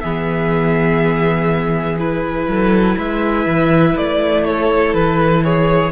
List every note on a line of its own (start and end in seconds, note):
0.00 2.47 E3
0.00 1.98 B3
0.00 2.48 G#4
0.00 1.97 E5
1.98 5.91 E4
1.98 2.98 B4
2.47 2.96 F#3
2.47 2.95 A4
2.95 3.45 G#3
2.95 4.42 B4
2.95 3.97 E5
3.45 3.95 E3
3.96 4.93 A3
3.96 4.44 D5
4.44 5.43 A4
4.44 4.93 C#5
4.93 5.92 E3
4.93 5.43 B4
5.43 5.92 G#4
5.43 5.92 C#5